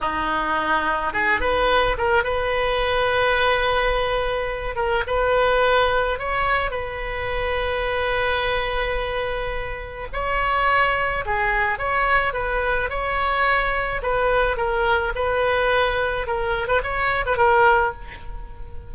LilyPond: \new Staff \with { instrumentName = "oboe" } { \time 4/4 \tempo 4 = 107 dis'2 gis'8 b'4 ais'8 | b'1~ | b'8 ais'8 b'2 cis''4 | b'1~ |
b'2 cis''2 | gis'4 cis''4 b'4 cis''4~ | cis''4 b'4 ais'4 b'4~ | b'4 ais'8. b'16 cis''8. b'16 ais'4 | }